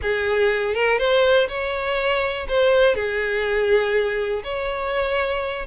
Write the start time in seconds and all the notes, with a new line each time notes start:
0.02 G#4
0.74 A#4
0.98 C5
1.48 C#5
2.48 C5
2.95 G#4
4.43 C#5